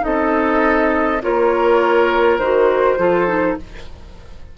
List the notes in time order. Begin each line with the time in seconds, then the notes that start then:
0.00 C4 D#4 A4 D#5
1.23 A#3 F4 A#4 C#5
2.38 D#3 F#4 C5
2.98 F3 F4 A4
3.27 D#4